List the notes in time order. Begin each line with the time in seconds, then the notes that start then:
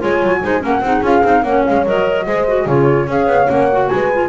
0.00 G#3 F4 C#5 G#5
0.23 F#3
0.42 G#3 D#4 C5
0.60 A#3 C#4 A#4 F#5
0.81 C4 D#4 G#4
1.02 C#4 F4 F5
1.23 C4 D#4
1.43 A#3 C#4 C#5 F#5
1.66 G#3 F5
1.86 F#3 A#4 D#5
2.26 G#3 G#4 C5
2.48 F#4
2.66 C#3 F4 G#4 C#5
3.07 C#4 G#4 C#5 F5
3.27 B3
3.47 A#3 C#4 F#5
3.72 F#4
3.89 G#3 B4 G#5
4.13 F4